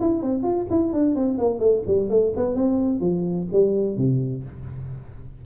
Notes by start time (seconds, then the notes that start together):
0.00 E4
0.22 C4
0.42 F4
0.70 E4
0.92 D4
1.15 C4
1.38 A#3
1.59 A3
1.87 G3
2.09 A3
2.36 B3
2.55 C4
3.00 F3
3.52 G3
3.97 C3